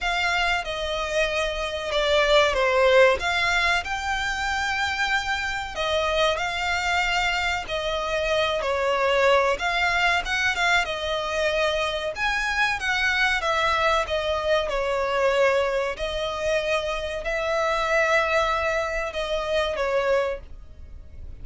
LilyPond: \new Staff \with { instrumentName = "violin" } { \time 4/4 \tempo 4 = 94 f''4 dis''2 d''4 | c''4 f''4 g''2~ | g''4 dis''4 f''2 | dis''4. cis''4. f''4 |
fis''8 f''8 dis''2 gis''4 | fis''4 e''4 dis''4 cis''4~ | cis''4 dis''2 e''4~ | e''2 dis''4 cis''4 | }